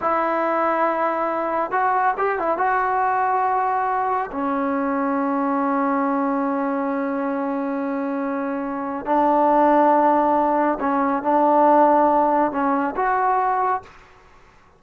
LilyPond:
\new Staff \with { instrumentName = "trombone" } { \time 4/4 \tempo 4 = 139 e'1 | fis'4 g'8 e'8 fis'2~ | fis'2 cis'2~ | cis'1~ |
cis'1~ | cis'4 d'2.~ | d'4 cis'4 d'2~ | d'4 cis'4 fis'2 | }